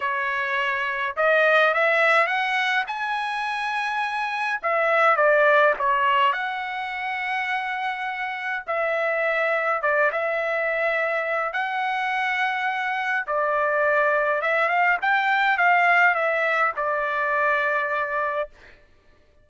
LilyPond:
\new Staff \with { instrumentName = "trumpet" } { \time 4/4 \tempo 4 = 104 cis''2 dis''4 e''4 | fis''4 gis''2. | e''4 d''4 cis''4 fis''4~ | fis''2. e''4~ |
e''4 d''8 e''2~ e''8 | fis''2. d''4~ | d''4 e''8 f''8 g''4 f''4 | e''4 d''2. | }